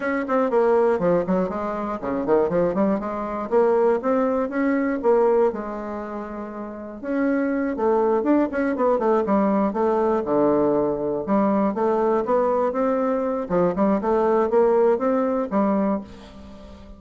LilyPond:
\new Staff \with { instrumentName = "bassoon" } { \time 4/4 \tempo 4 = 120 cis'8 c'8 ais4 f8 fis8 gis4 | cis8 dis8 f8 g8 gis4 ais4 | c'4 cis'4 ais4 gis4~ | gis2 cis'4. a8~ |
a8 d'8 cis'8 b8 a8 g4 a8~ | a8 d2 g4 a8~ | a8 b4 c'4. f8 g8 | a4 ais4 c'4 g4 | }